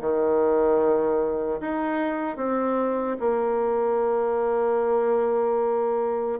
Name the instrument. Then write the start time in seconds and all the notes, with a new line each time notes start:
bassoon
0.00 D#3
1.61 D#4
2.36 C4
3.20 A#3